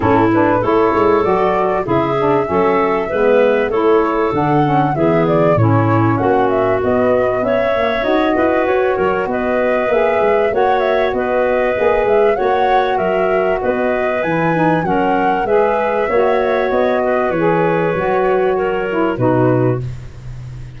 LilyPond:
<<
  \new Staff \with { instrumentName = "flute" } { \time 4/4 \tempo 4 = 97 a'8 b'8 cis''4 d''4 e''4~ | e''2 cis''4 fis''4 | e''8 d''8 cis''4 fis''8 e''8 dis''4 | e''4 dis''4 cis''4 dis''4 |
e''4 fis''8 e''8 dis''4. e''8 | fis''4 e''4 dis''4 gis''4 | fis''4 e''2 dis''4 | cis''2. b'4 | }
  \new Staff \with { instrumentName = "clarinet" } { \time 4/4 e'4 a'2 gis'4 | a'4 b'4 a'2 | gis'4 e'4 fis'2 | cis''4. b'4 ais'8 b'4~ |
b'4 cis''4 b'2 | cis''4 ais'4 b'2 | ais'4 b'4 cis''4. b'8~ | b'2 ais'4 fis'4 | }
  \new Staff \with { instrumentName = "saxophone" } { \time 4/4 cis'8 d'8 e'4 fis'4 e'8 d'8 | cis'4 b4 e'4 d'8 cis'8 | b4 cis'2 b4~ | b8 ais8 fis'2. |
gis'4 fis'2 gis'4 | fis'2. e'8 dis'8 | cis'4 gis'4 fis'2 | gis'4 fis'4. e'8 dis'4 | }
  \new Staff \with { instrumentName = "tuba" } { \time 4/4 a,4 a8 gis8 fis4 cis4 | fis4 gis4 a4 d4 | e4 a,4 ais4 b4 | cis'4 dis'8 e'8 fis'8 fis8 b4 |
ais8 gis8 ais4 b4 ais8 gis8 | ais4 fis4 b4 e4 | fis4 gis4 ais4 b4 | e4 fis2 b,4 | }
>>